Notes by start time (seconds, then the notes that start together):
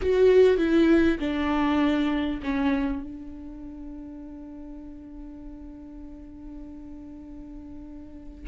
0.01 F#4
0.57 E4
1.19 D4
2.42 C#4
3.02 D4